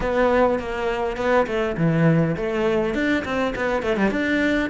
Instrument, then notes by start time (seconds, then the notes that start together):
cello
0.00 B3
0.59 A#3
1.16 B3
1.46 A3
1.77 E3
2.36 A3
2.94 D4
3.24 C4
3.55 B3
3.82 A3
3.96 G3
4.10 D4